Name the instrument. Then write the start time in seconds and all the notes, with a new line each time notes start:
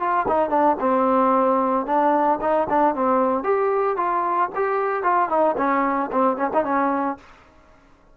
trombone
0.00 F4
0.29 D#4
0.50 D4
0.81 C4
1.86 D4
2.42 D#4
2.70 D4
2.95 C4
3.44 G4
3.97 F4
4.55 G4
5.04 F4
5.30 D#4
5.58 C#4
6.13 C4
6.37 C#4
6.54 D#4
6.65 C#4